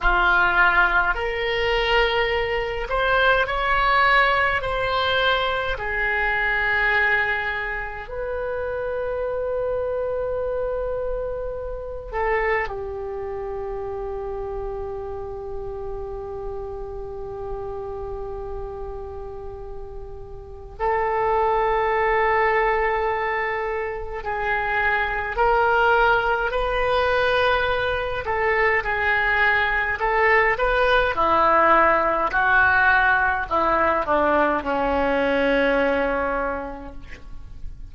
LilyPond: \new Staff \with { instrumentName = "oboe" } { \time 4/4 \tempo 4 = 52 f'4 ais'4. c''8 cis''4 | c''4 gis'2 b'4~ | b'2~ b'8 a'8 g'4~ | g'1~ |
g'2 a'2~ | a'4 gis'4 ais'4 b'4~ | b'8 a'8 gis'4 a'8 b'8 e'4 | fis'4 e'8 d'8 cis'2 | }